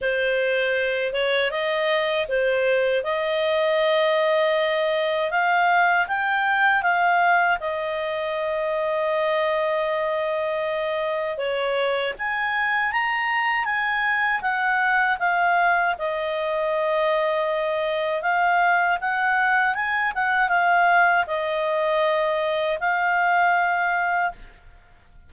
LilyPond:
\new Staff \with { instrumentName = "clarinet" } { \time 4/4 \tempo 4 = 79 c''4. cis''8 dis''4 c''4 | dis''2. f''4 | g''4 f''4 dis''2~ | dis''2. cis''4 |
gis''4 ais''4 gis''4 fis''4 | f''4 dis''2. | f''4 fis''4 gis''8 fis''8 f''4 | dis''2 f''2 | }